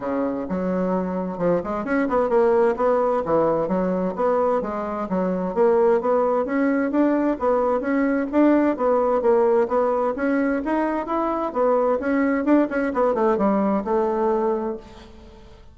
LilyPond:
\new Staff \with { instrumentName = "bassoon" } { \time 4/4 \tempo 4 = 130 cis4 fis2 f8 gis8 | cis'8 b8 ais4 b4 e4 | fis4 b4 gis4 fis4 | ais4 b4 cis'4 d'4 |
b4 cis'4 d'4 b4 | ais4 b4 cis'4 dis'4 | e'4 b4 cis'4 d'8 cis'8 | b8 a8 g4 a2 | }